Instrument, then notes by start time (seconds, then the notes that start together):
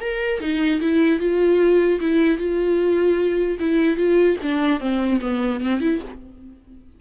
viola
0.00 A#4
0.40 D#4
0.81 E4
1.19 F4
2.00 E4
2.38 F4
3.59 E4
3.97 F4
4.42 D4
4.79 C4
5.21 B3
5.60 C4
5.80 E4